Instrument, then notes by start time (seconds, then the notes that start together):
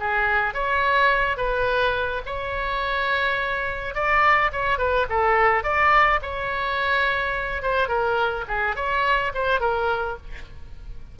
oboe
0.00 G#4
0.54 C#5
1.37 B4
2.26 C#5
3.95 D5
4.52 C#5
4.78 B4
5.09 A4
5.63 D5
6.22 C#5
7.62 C5
7.88 A#4
8.48 G#4
8.76 C#5
9.34 C5
9.60 A#4